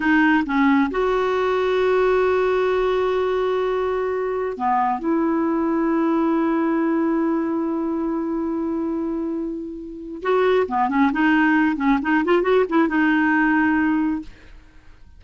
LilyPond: \new Staff \with { instrumentName = "clarinet" } { \time 4/4 \tempo 4 = 135 dis'4 cis'4 fis'2~ | fis'1~ | fis'2~ fis'16 b4 e'8.~ | e'1~ |
e'1~ | e'2. fis'4 | b8 cis'8 dis'4. cis'8 dis'8 f'8 | fis'8 e'8 dis'2. | }